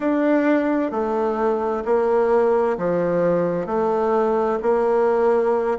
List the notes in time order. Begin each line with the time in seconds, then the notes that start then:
0.00 D4
0.91 A3
1.85 A#3
2.77 F3
3.66 A3
4.62 A#3